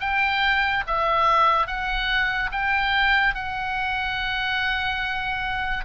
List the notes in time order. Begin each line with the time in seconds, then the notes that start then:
0.00 G5
0.86 E5
1.67 F#5
2.52 G5
3.34 F#5